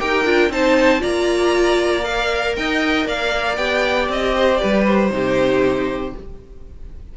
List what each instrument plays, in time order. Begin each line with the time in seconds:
0.00 cello D#4, viola G4, violin A#4 G5
0.25 cello D4, viola F4
0.50 cello C4, viola D#4, violin C5 A5
0.99 cello A#3, viola F4, violin D5 A#5
2.04 viola A#4, violin F5
2.56 cello D#4, violin D#5 G5
3.06 cello A#3, violin D5 F5
3.57 cello B3, viola G4, violin G5
4.09 cello C4, violin D#5
4.36 violin C5
4.57 violin B4 D5
4.63 cello G3
4.86 violin C5
5.10 cello C3, viola D#4, violin G4